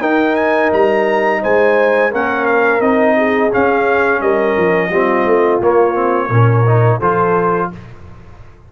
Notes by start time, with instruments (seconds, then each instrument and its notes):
0.00 tuba D#4, trombone D#4, horn A#4, trumpet G5
0.35 trumpet G#5
0.73 tuba G3, trumpet A#5
1.42 tuba G#3, horn C5, trumpet G#5
2.11 tuba A#3, trombone C#4, horn A#4, trumpet F#5
2.46 trumpet F5
2.80 tuba C4, trombone D#4, trumpet D#5
3.17 horn G#4
3.52 trombone C#4, tuba C#4, trumpet F5
4.20 tuba G3, horn A#4, trumpet D#5
4.57 tuba F3
4.88 tuba G3, trombone C4, horn F4
5.25 tuba A3
5.61 tuba A#3, trombone A#3, trumpet C#5
5.94 trombone C4
6.29 tuba A#2, trombone C#4, horn A#4
6.66 trombone D#4
6.99 tuba F3, trombone F4, horn A4, trumpet C5